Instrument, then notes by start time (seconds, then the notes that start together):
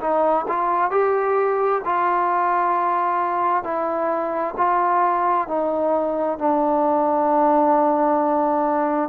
trombone
0.00 D#4
0.48 F4
0.90 G4
1.85 F4
3.63 E4
4.57 F4
5.47 D#4
6.38 D4